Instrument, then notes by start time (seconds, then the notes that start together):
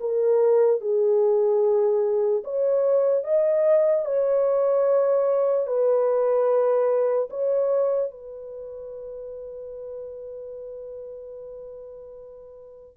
horn
0.00 A#4
0.81 G#4
2.44 C#5
3.24 D#5
4.05 C#5
5.66 B4
7.30 C#5
8.11 B4